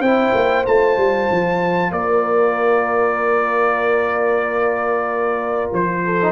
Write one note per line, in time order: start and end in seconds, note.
0.00 0.32 C4
0.00 0.66 E4
0.00 1.91 C5
0.00 0.64 G5
0.34 0.66 A#3
0.66 0.97 A3
0.66 6.19 F4
0.66 1.92 A5
0.97 1.28 G3
1.30 1.91 F3
1.91 5.70 A#3
1.91 6.04 A#4
1.91 5.71 D5
5.72 6.32 F3
5.72 6.32 C5
6.05 6.32 A4
6.22 6.32 D#4